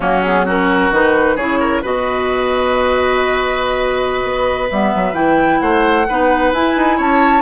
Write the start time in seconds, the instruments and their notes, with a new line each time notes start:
0.00 bassoon F#3, clarinet A#3, oboe C#4, flute F#4
0.23 clarinet B3, flute G#4
0.45 clarinet C#4, oboe F#4, flute A#4
0.90 bassoon D#3, clarinet D#4, flute B4
1.36 bassoon C#3, clarinet E4, oboe G#4, flute C#5
1.60 oboe A#4
1.82 bassoon B2, clarinet F#4, oboe B4, flute D#5
4.23 bassoon B3
4.69 bassoon G3, clarinet B3, flute E5
4.94 bassoon F#3
5.13 bassoon E3, clarinet E4, flute G5
5.60 bassoon A3, oboe C5, flute F#5
6.08 bassoon B3, clarinet D#4, oboe B4
6.52 bassoon E4, clarinet E4, flute G#5
6.76 bassoon D#4
6.97 bassoon C#4, oboe C#5, flute A5